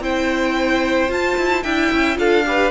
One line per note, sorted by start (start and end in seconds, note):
0.00 1.08 C4
0.00 1.09 E4
0.00 1.63 C5
0.00 1.11 G5
1.09 1.36 F4
1.09 1.63 F4
1.09 1.63 A5
1.38 1.64 E4
1.63 1.91 D4
1.63 2.16 E4
1.63 2.17 E5
1.63 2.17 G5
1.92 2.18 C#4
2.16 2.71 D4
2.16 2.43 F4
2.16 2.46 A4
2.16 2.71 F5
2.46 2.71 G4
2.46 2.71 B4